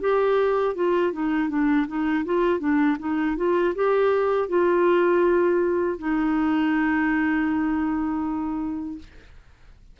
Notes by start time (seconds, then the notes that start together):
0.00 G4
0.75 F4
1.12 D#4
1.49 D4
1.87 D#4
2.25 F4
2.59 D4
2.99 D#4
3.37 F4
3.75 G4
4.48 F4
5.99 D#4